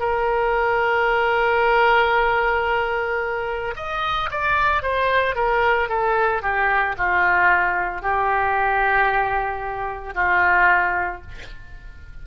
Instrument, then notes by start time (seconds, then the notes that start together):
oboe
0.00 A#4
3.76 D#5
4.31 D5
4.83 C5
5.36 A#4
5.89 A4
6.42 G4
6.98 F4
8.03 G4
10.15 F4